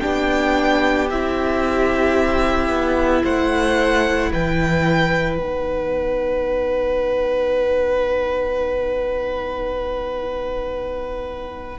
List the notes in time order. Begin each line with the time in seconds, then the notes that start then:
0.00 B3 D4 G4 G5
1.10 C4 E4 E5
2.69 B3
3.23 A3 C5 F#5
4.32 E3 B4 G5
5.36 B3 D#4 F#5